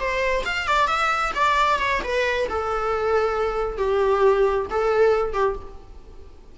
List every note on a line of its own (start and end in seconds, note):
0.00 0.44 C5
0.45 0.67 F5
0.67 0.87 D5
0.87 1.32 E5
1.35 1.79 D5
1.79 2.01 C#5
2.04 2.48 B4
2.49 3.78 A4
3.78 4.66 G4
4.70 5.33 A4
5.33 5.56 G4